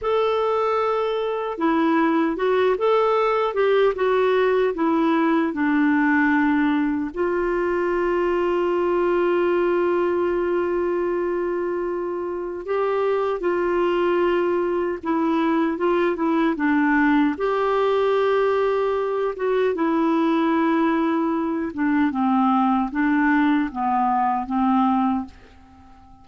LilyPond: \new Staff \with { instrumentName = "clarinet" } { \time 4/4 \tempo 4 = 76 a'2 e'4 fis'8 a'8~ | a'8 g'8 fis'4 e'4 d'4~ | d'4 f'2.~ | f'1 |
g'4 f'2 e'4 | f'8 e'8 d'4 g'2~ | g'8 fis'8 e'2~ e'8 d'8 | c'4 d'4 b4 c'4 | }